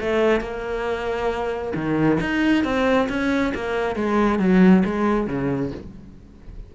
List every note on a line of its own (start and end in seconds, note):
0.00 0.40 A3
0.40 1.72 A#3
1.75 2.19 D#3
2.20 2.64 D#4
2.64 3.08 C4
3.08 3.53 C#4
3.54 3.95 A#3
3.95 4.39 G#3
4.39 4.83 F#3
4.84 5.27 G#3
5.27 5.71 C#3